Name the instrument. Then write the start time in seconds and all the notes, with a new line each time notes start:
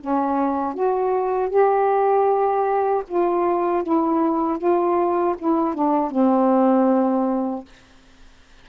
saxophone
0.00 C#4
0.73 F#4
1.49 G4
3.08 F4
3.83 E4
4.58 F4
5.38 E4
5.74 D4
6.10 C4